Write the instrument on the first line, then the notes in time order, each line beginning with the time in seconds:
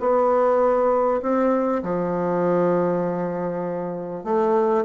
bassoon
0.00 B3
1.22 C4
1.83 F3
4.24 A3